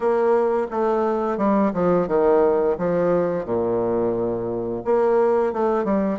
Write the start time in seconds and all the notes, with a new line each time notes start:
0.00 A#3
0.71 A3
1.37 G3
1.73 F3
2.07 D#3
2.77 F3
3.45 A#2
4.84 A#3
5.52 A3
5.84 G3